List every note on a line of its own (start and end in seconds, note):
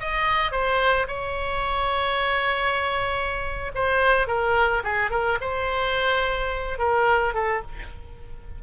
0.00 0.51 D#5
0.51 1.07 C5
1.08 3.72 C#5
3.75 4.27 C5
4.27 4.83 A#4
4.84 5.10 G#4
5.10 5.38 A#4
5.41 6.78 C5
6.78 7.34 A#4
7.34 7.62 A4